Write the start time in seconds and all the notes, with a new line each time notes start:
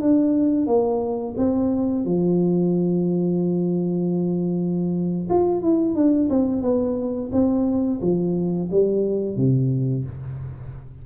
0.00 D4
0.67 A#3
1.37 C4
2.05 F3
5.29 F4
5.62 E4
5.95 D4
6.30 C4
6.62 B3
7.32 C4
8.01 F3
8.71 G3
9.36 C3